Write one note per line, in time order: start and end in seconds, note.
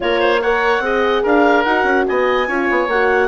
0.00 0.79 A#3
0.00 0.41 F4
0.00 0.20 A#4
0.00 0.42 C#5
0.20 0.40 C5
0.41 0.82 A#4
0.41 0.83 C#5
0.41 1.24 F#5
0.79 1.21 C4
0.79 1.65 G#4
0.79 1.22 D#5
1.22 1.65 D4
1.22 2.05 A#4
1.22 1.64 F5
1.64 1.83 D#4
1.64 2.47 F#4
1.64 2.05 F#5
1.83 2.04 C#4
2.07 2.47 B3
2.07 2.48 D#5
2.07 2.89 G#5
2.47 2.68 C#4
2.47 2.89 F4
2.47 3.28 C#5
2.70 2.87 B3
2.87 3.28 A#3
2.87 3.28 F#4
2.87 3.28 F#5